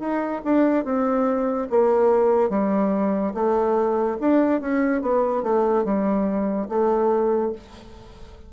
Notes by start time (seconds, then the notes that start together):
0.00 D#4
0.45 D4
0.85 C4
1.70 A#3
2.50 G3
3.34 A3
4.21 D4
4.61 C#4
5.02 B3
5.43 A3
5.85 G3
6.69 A3